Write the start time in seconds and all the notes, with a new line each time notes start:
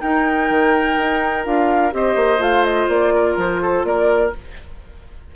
0.00 D#4 A#4 G5
0.49 D#3
0.98 D#4
1.44 D4 F4 F5
1.91 C4 G4 C5 D#5
2.16 A#3
2.38 A3 F4 F5
2.65 D#5
2.88 A#3 D5
3.14 A#4
3.36 F3 C5
3.62 A4
3.84 A#3 A#4 D5